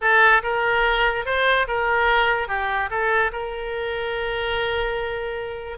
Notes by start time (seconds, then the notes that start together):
0.01 A4
0.43 A#4
1.25 C5
1.67 A#4
2.48 G4
2.90 A4
3.32 A#4